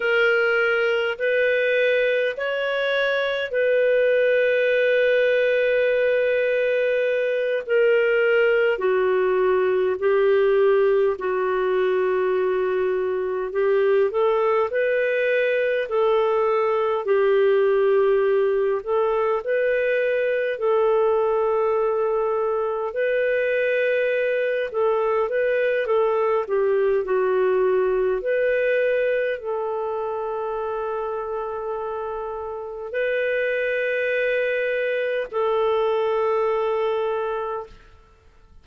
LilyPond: \new Staff \with { instrumentName = "clarinet" } { \time 4/4 \tempo 4 = 51 ais'4 b'4 cis''4 b'4~ | b'2~ b'8 ais'4 fis'8~ | fis'8 g'4 fis'2 g'8 | a'8 b'4 a'4 g'4. |
a'8 b'4 a'2 b'8~ | b'4 a'8 b'8 a'8 g'8 fis'4 | b'4 a'2. | b'2 a'2 | }